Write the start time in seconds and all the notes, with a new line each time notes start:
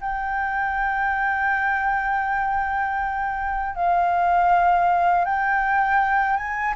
0.00 G5
3.75 F5
5.25 G5
6.36 G#5